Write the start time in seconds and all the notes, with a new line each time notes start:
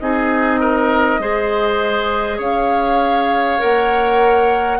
0.00 C4 D#4 G#4 D#5
0.60 A#4
1.19 G#3 G#4 C5
2.38 C#4 C#5 F5
3.59 A#3 A#4 F#5